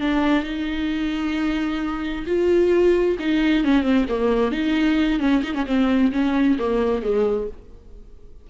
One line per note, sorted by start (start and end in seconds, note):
0.00 0.43 D4
0.43 2.25 D#4
2.26 3.17 F4
3.19 3.64 D#4
3.64 3.83 C#4
3.83 4.05 C4
4.09 4.51 A#3
4.51 5.19 D#4
5.19 5.42 C#4
5.43 5.54 D#4
5.54 5.65 C#4
5.66 6.11 C4
6.12 6.57 C#4
6.58 7.02 A#3
7.02 7.48 G#3